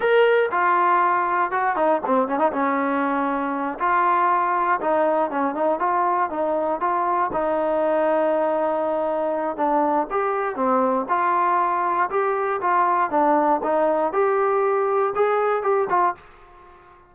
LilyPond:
\new Staff \with { instrumentName = "trombone" } { \time 4/4 \tempo 4 = 119 ais'4 f'2 fis'8 dis'8 | c'8 cis'16 dis'16 cis'2~ cis'8 f'8~ | f'4. dis'4 cis'8 dis'8 f'8~ | f'8 dis'4 f'4 dis'4.~ |
dis'2. d'4 | g'4 c'4 f'2 | g'4 f'4 d'4 dis'4 | g'2 gis'4 g'8 f'8 | }